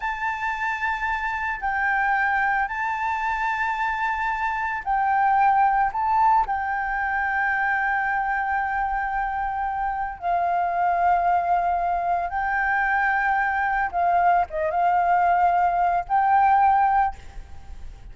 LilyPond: \new Staff \with { instrumentName = "flute" } { \time 4/4 \tempo 4 = 112 a''2. g''4~ | g''4 a''2.~ | a''4 g''2 a''4 | g''1~ |
g''2. f''4~ | f''2. g''4~ | g''2 f''4 dis''8 f''8~ | f''2 g''2 | }